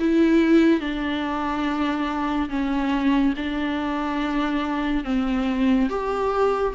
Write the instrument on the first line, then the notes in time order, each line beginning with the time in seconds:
viola
0.00 E4
0.80 D4
2.50 C#4
3.37 D4
5.05 C4
5.90 G4